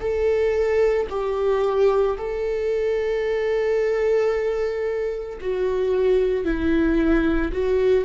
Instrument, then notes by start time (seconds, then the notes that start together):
viola
0.00 A4
1.10 G4
2.18 A4
5.41 F#4
6.45 E4
7.52 F#4